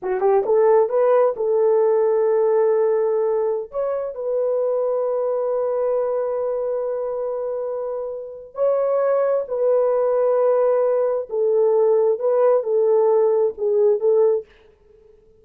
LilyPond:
\new Staff \with { instrumentName = "horn" } { \time 4/4 \tempo 4 = 133 fis'8 g'8 a'4 b'4 a'4~ | a'1~ | a'16 cis''4 b'2~ b'8.~ | b'1~ |
b'2. cis''4~ | cis''4 b'2.~ | b'4 a'2 b'4 | a'2 gis'4 a'4 | }